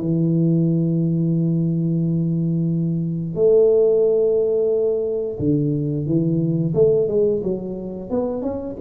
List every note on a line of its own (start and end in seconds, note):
0.00 3.35 E3
3.35 5.37 A3
5.39 6.06 D3
6.06 6.73 E3
6.74 7.08 A3
7.08 7.42 G#3
7.43 8.10 F#3
8.10 8.42 B3
8.42 8.75 C#4